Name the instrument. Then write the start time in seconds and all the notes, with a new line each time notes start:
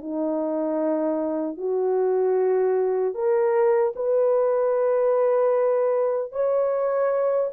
horn
0.00 D#4
1.57 F#4
3.14 A#4
3.95 B4
6.32 C#5